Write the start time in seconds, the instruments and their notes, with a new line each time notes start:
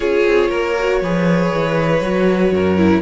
0.00 cello C#4, viola F4, violin G#4 C#5
0.25 cello C4
0.49 cello A#3, violin A#4
0.78 viola F#4
1.01 cello F3, viola G#4, violin B4
1.54 cello E3
2.00 cello F#3, viola F#4
2.51 cello F#2, violin A#4
2.77 viola E4